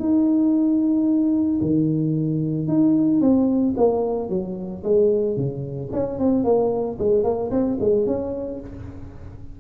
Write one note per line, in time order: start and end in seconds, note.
0.00 1.61 D#4
1.62 2.68 D#3
2.68 3.21 D#4
3.21 3.75 C4
3.77 4.30 A#3
4.30 4.83 F#3
4.84 5.37 G#3
5.37 5.90 C#3
5.93 6.19 C#4
6.19 6.45 C4
6.45 6.98 A#3
6.99 7.24 G#3
7.24 7.51 A#3
7.51 7.78 C4
7.80 8.07 G#3
8.07 8.61 C#4